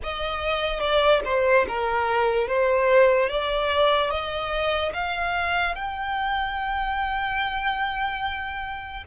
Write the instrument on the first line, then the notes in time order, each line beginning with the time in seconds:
violin
0.03 D#5
0.80 D5
1.24 C5
1.67 A#4
2.47 C5
3.29 D5
4.10 D#5
4.93 F5
5.75 G5